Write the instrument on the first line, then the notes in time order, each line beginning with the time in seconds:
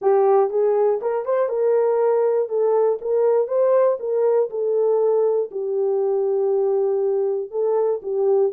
horn
0.01 G4
0.50 G#4
1.01 A#4
1.25 C5
1.48 A#4
2.48 A4
3.01 A#4
3.47 C5
3.99 A#4
4.50 A4
5.51 G4
7.50 A4
8.02 G4